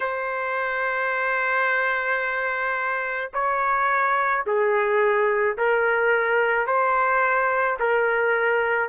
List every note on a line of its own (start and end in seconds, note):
0.00 3.30 C5
3.33 4.44 C#5
4.46 5.57 G#4
5.57 6.67 A#4
6.67 7.78 C5
7.79 8.89 A#4